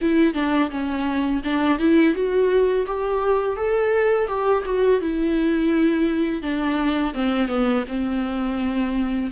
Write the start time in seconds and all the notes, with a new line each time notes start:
0.01 E4
0.34 D4
0.70 C#4
1.44 D4
1.79 E4
2.14 F#4
2.86 G4
3.56 A4
4.27 G4
4.65 F#4
5.00 E4
6.42 D4
7.14 C4
7.48 B3
7.88 C4